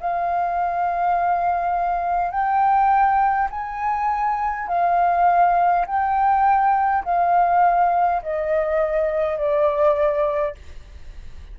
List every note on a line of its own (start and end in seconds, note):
0.00 2.30 F5
2.30 3.48 G5
3.50 4.68 G#5
4.68 5.86 F5
5.87 7.04 G5
7.04 8.22 F5
8.22 9.37 D#5
9.37 10.55 D5